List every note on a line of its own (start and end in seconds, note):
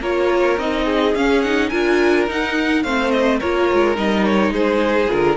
0.00 0.57 A#3
0.00 0.58 F4
0.00 0.84 A#4
0.00 0.58 C#5
0.58 1.14 C4
0.58 1.15 D#4
0.58 1.15 D#5
0.84 1.69 G#4
1.14 1.71 C#4
1.14 1.44 C#4
1.14 1.41 F5
1.41 1.71 D#4
1.41 1.69 F#5
1.69 2.27 D4
1.69 2.27 F4
1.69 2.82 A#4
1.69 2.25 G#5
2.27 2.84 D#4
2.27 2.83 D#4
2.27 2.83 F#5
2.83 3.40 A3
2.83 3.41 C4
2.83 3.39 C5
2.83 3.10 F5
3.10 3.39 D#5
3.39 3.71 A#3
3.39 3.95 F4
3.39 4.52 A#4
3.39 3.96 C#5
3.73 3.97 G#3
3.95 4.50 G3
3.95 5.08 D#4
3.95 4.25 D#5
4.25 4.53 C#5
4.50 5.06 G#3
4.50 5.36 G#4
4.50 5.10 C5
5.08 5.37 D3
5.08 5.36 F4
5.08 5.37 A#4